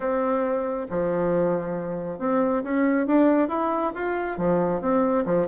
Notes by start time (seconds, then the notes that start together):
0.00 C4
0.89 F3
2.18 C4
2.63 C#4
3.07 D4
3.48 E4
3.94 F4
4.37 F3
4.81 C4
5.25 F3